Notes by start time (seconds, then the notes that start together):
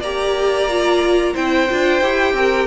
0.00 A#3 G4 D5 A#5
0.69 F4
1.33 C4 E4 C5 G5
1.70 D4 F4
2.01 E4 G4
2.33 C4 A#4